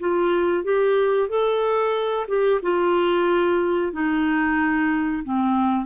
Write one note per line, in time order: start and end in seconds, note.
0.00 0.64 F4
0.64 1.29 G4
1.29 2.27 A4
2.28 2.61 G4
2.63 3.93 F4
3.93 5.24 D#4
5.24 5.86 C4